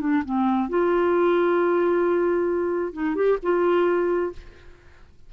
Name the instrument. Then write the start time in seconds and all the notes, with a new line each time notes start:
clarinet
0.00 D4
0.25 C4
0.69 F4
2.93 D#4
3.15 G4
3.42 F4